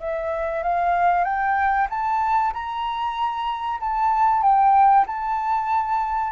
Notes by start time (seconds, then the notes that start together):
0.00 E5
0.63 F5
1.24 G5
1.90 A5
2.53 A#5
3.80 A5
4.42 G5
5.07 A5